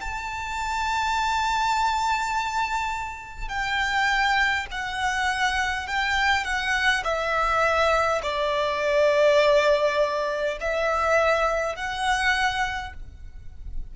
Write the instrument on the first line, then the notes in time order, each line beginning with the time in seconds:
violin
0.00 A5
3.49 G5
4.71 F#5
5.87 G5
6.44 F#5
7.04 E5
8.22 D5
10.60 E5
11.75 F#5